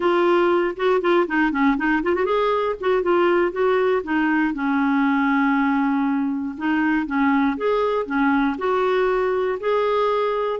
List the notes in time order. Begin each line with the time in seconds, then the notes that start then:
0.00 F4
0.76 F#4
1.01 F4
1.27 D#4
1.51 C#4
1.77 D#4
2.02 F4
2.14 F#4
2.25 G#4
2.80 F#4
3.02 F4
3.52 F#4
4.03 D#4
4.54 C#4
6.57 D#4
7.06 C#4
7.57 G#4
8.05 C#4
8.58 F#4
9.59 G#4